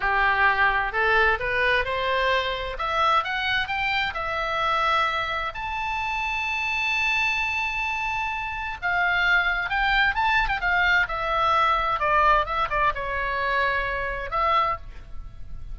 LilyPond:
\new Staff \with { instrumentName = "oboe" } { \time 4/4 \tempo 4 = 130 g'2 a'4 b'4 | c''2 e''4 fis''4 | g''4 e''2. | a''1~ |
a''2. f''4~ | f''4 g''4 a''8. g''16 f''4 | e''2 d''4 e''8 d''8 | cis''2. e''4 | }